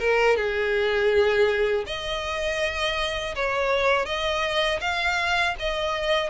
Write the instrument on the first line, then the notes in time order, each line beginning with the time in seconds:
violin
0.00 A#4
0.37 G#4
1.87 D#5
3.35 C#5
4.06 D#5
4.81 F5
5.59 D#5